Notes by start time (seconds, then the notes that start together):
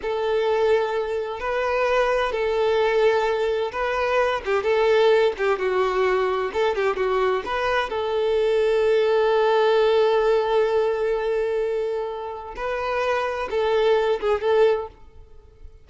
0.02 A4
1.40 B4
2.32 A4
3.71 B4
4.45 G4
4.63 A4
5.37 G4
5.58 F#4
6.53 A4
6.75 G4
6.96 F#4
7.45 B4
7.89 A4
12.55 B4
13.50 A4
14.20 G#4
14.41 A4